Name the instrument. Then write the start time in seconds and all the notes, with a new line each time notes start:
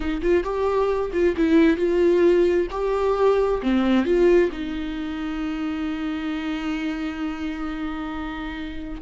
viola
0.00 D#4
0.22 F4
0.43 G4
1.12 F4
1.37 E4
1.77 F4
2.70 G4
3.62 C4
4.05 F4
4.52 D#4